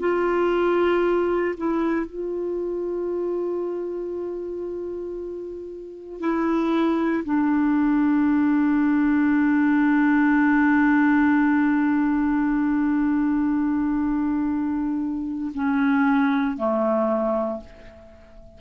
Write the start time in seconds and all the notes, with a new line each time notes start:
0.00 F4
1.58 E4
2.06 F4
6.21 E4
7.25 D4
15.55 C#4
16.58 A3